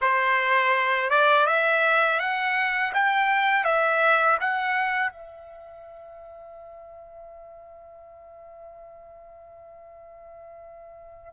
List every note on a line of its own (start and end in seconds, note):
0.01 1.10 C5
1.10 1.46 D5
1.46 2.19 E5
2.19 2.92 F#5
2.94 3.64 G5
3.64 4.37 E5
4.40 5.11 F#5
5.11 11.33 E5